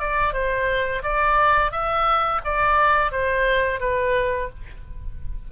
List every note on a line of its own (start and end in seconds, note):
0.00 0.34 D5
0.34 1.03 C5
1.03 1.72 D5
1.72 2.41 E5
2.45 3.12 D5
3.12 3.81 C5
3.81 4.50 B4